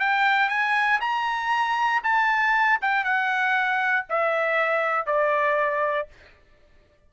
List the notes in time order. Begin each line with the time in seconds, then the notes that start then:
0.00 G5
0.49 G#5
1.01 A#5
2.04 A5
2.82 G5
3.04 F#5
4.10 E5
5.07 D5